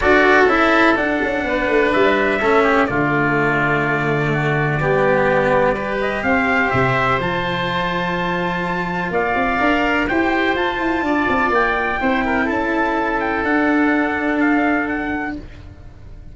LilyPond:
<<
  \new Staff \with { instrumentName = "trumpet" } { \time 4/4 \tempo 4 = 125 d''4 e''4 fis''2 | e''2 d''2~ | d''1~ | d''8 dis''8 f''4 e''4 a''4~ |
a''2. f''4~ | f''4 g''4 a''2 | g''2 a''4. g''8 | fis''2 f''4 fis''4 | }
  \new Staff \with { instrumentName = "oboe" } { \time 4/4 a'2. b'4~ | b'4 a'8 g'8 f'2~ | f'4 fis'4 g'2 | b'4 c''2.~ |
c''2. d''4~ | d''4 c''2 d''4~ | d''4 c''8 ais'8 a'2~ | a'1 | }
  \new Staff \with { instrumentName = "cello" } { \time 4/4 fis'4 e'4 d'2~ | d'4 cis'4 a2~ | a2 b2 | g'2. f'4~ |
f'1 | ais'4 g'4 f'2~ | f'4 e'2. | d'1 | }
  \new Staff \with { instrumentName = "tuba" } { \time 4/4 d'4 cis'4 d'8 cis'8 b8 a8 | g4 a4 d2~ | d2 g2~ | g4 c'4 c4 f4~ |
f2. ais8 c'8 | d'4 e'4 f'8 e'8 d'8 c'8 | ais4 c'4 cis'2 | d'1 | }
>>